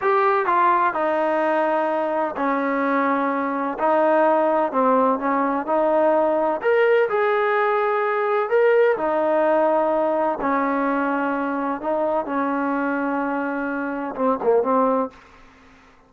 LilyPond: \new Staff \with { instrumentName = "trombone" } { \time 4/4 \tempo 4 = 127 g'4 f'4 dis'2~ | dis'4 cis'2. | dis'2 c'4 cis'4 | dis'2 ais'4 gis'4~ |
gis'2 ais'4 dis'4~ | dis'2 cis'2~ | cis'4 dis'4 cis'2~ | cis'2 c'8 ais8 c'4 | }